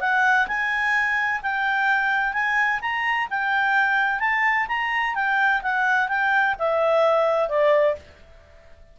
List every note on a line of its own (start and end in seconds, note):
0.00 0.47 F#5
0.48 1.41 G#5
1.42 2.33 G5
2.33 2.80 G#5
2.81 3.28 A#5
3.30 4.20 G5
4.20 4.66 A5
4.68 5.15 A#5
5.15 5.62 G5
5.62 6.08 F#5
6.08 6.55 G5
6.59 7.49 E5
7.49 7.95 D5